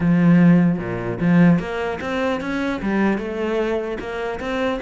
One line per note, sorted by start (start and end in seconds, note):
0.00 0.78 F3
0.78 1.18 A#2
1.19 1.59 F3
1.59 1.99 A#3
2.01 2.41 C4
2.41 2.81 C#4
2.81 3.18 G3
3.18 3.98 A3
3.99 4.39 A#3
4.40 4.80 C4